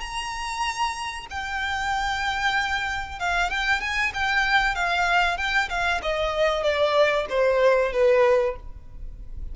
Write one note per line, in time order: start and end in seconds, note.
0.00 1.26 A#5
1.30 3.19 G5
3.19 3.50 F5
3.50 3.80 G5
3.80 4.12 G#5
4.13 4.75 G5
4.75 5.37 F5
5.37 5.68 G5
5.69 6.01 F5
6.02 6.63 D#5
6.63 7.26 D5
7.29 7.92 C5
7.92 8.56 B4